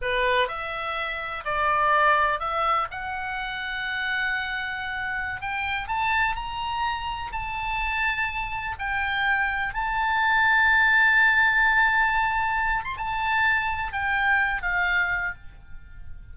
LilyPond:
\new Staff \with { instrumentName = "oboe" } { \time 4/4 \tempo 4 = 125 b'4 e''2 d''4~ | d''4 e''4 fis''2~ | fis''2.~ fis''16 g''8.~ | g''16 a''4 ais''2 a''8.~ |
a''2~ a''16 g''4.~ g''16~ | g''16 a''2.~ a''8.~ | a''2~ a''8. c'''16 a''4~ | a''4 g''4. f''4. | }